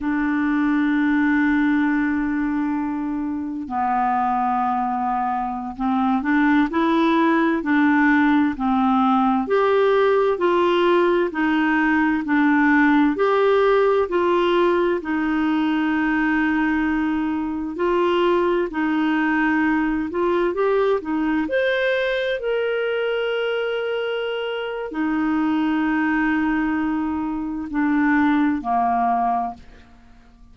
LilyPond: \new Staff \with { instrumentName = "clarinet" } { \time 4/4 \tempo 4 = 65 d'1 | b2~ b16 c'8 d'8 e'8.~ | e'16 d'4 c'4 g'4 f'8.~ | f'16 dis'4 d'4 g'4 f'8.~ |
f'16 dis'2. f'8.~ | f'16 dis'4. f'8 g'8 dis'8 c''8.~ | c''16 ais'2~ ais'8. dis'4~ | dis'2 d'4 ais4 | }